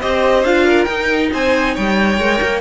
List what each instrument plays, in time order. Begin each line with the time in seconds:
0.00 cello C4, viola G4, violin C5 D#5
0.43 cello D4, viola F4, violin F5
0.65 violin A#4
0.84 cello D#4, viola D#4, violin G5
1.32 cello C4, violin C5 G#5
1.73 cello G3, violin C#5 G5
2.17 cello G#3, viola A#4
2.42 cello A#3